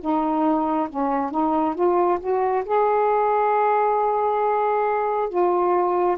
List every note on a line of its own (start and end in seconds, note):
0.00 0.88 D#4
0.89 1.30 C#4
1.30 1.74 D#4
1.74 2.18 F4
2.20 2.64 F#4
2.65 5.29 G#4
5.29 6.17 F4